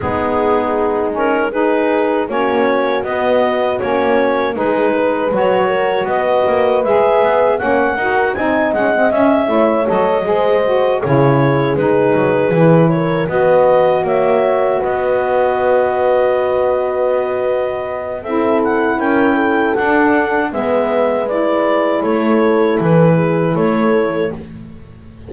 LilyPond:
<<
  \new Staff \with { instrumentName = "clarinet" } { \time 4/4 \tempo 4 = 79 gis'4. ais'8 b'4 cis''4 | dis''4 cis''4 b'4 cis''4 | dis''4 e''4 fis''4 gis''8 fis''8 | e''4 dis''4. cis''4 b'8~ |
b'4 cis''8 dis''4 e''4 dis''8~ | dis''1 | e''8 fis''8 g''4 fis''4 e''4 | d''4 cis''4 b'4 cis''4 | }
  \new Staff \with { instrumentName = "horn" } { \time 4/4 dis'2 gis'4 fis'4~ | fis'2 gis'8 b'4 ais'8 | b'2 cis''8 ais'8 dis''4~ | dis''8 cis''4 c''4 gis'4.~ |
gis'4 ais'8 b'4 cis''4 b'8~ | b'1 | a'4 ais'8 a'4. b'4~ | b'4 a'4. gis'8 a'4 | }
  \new Staff \with { instrumentName = "saxophone" } { \time 4/4 b4. cis'8 dis'4 cis'4 | b4 cis'4 dis'4 fis'4~ | fis'4 gis'4 cis'8 fis'8 dis'8 cis'16 c'16 | cis'8 e'8 a'8 gis'8 fis'8 e'4 dis'8~ |
dis'8 e'4 fis'2~ fis'8~ | fis'1 | e'2 d'4 b4 | e'1 | }
  \new Staff \with { instrumentName = "double bass" } { \time 4/4 gis2. ais4 | b4 ais4 gis4 fis4 | b8 ais8 gis8 b8 ais8 dis'8 c'8 gis8 | cis'8 a8 fis8 gis4 cis4 gis8 |
fis8 e4 b4 ais4 b8~ | b1 | c'4 cis'4 d'4 gis4~ | gis4 a4 e4 a4 | }
>>